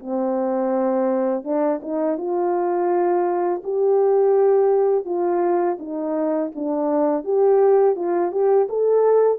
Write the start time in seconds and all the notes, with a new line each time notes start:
0.00 C4
1.44 D4
1.82 D#4
2.18 F4
3.64 G4
5.05 F4
5.80 D#4
6.56 D4
7.25 G4
7.96 F4
8.32 G4
8.69 A4